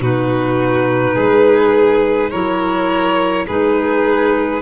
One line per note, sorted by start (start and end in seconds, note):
0.00 1.15 B2
0.00 2.31 D#4
0.00 1.15 F#4
0.00 2.30 B4
1.15 2.32 G#3
1.15 2.30 G#4
2.30 3.49 F#3
2.30 3.48 E4
2.30 3.46 A#4
2.30 3.46 C#5
3.47 4.62 G#3
3.47 4.62 D#4
3.47 4.62 G#4
3.47 4.62 B4